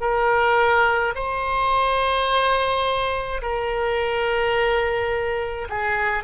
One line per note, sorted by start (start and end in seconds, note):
0.00 1.13 A#4
1.15 3.41 C5
3.42 5.68 A#4
5.69 6.23 G#4